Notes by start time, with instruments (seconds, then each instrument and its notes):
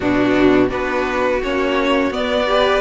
0.00 cello B2, viola B3, violin D4 F#4
0.69 cello B3, viola D4, violin F#4 B4
1.43 cello A#3, viola C#4, violin C#5
2.10 cello B3, viola B3, violin D5
2.46 viola G4, violin B4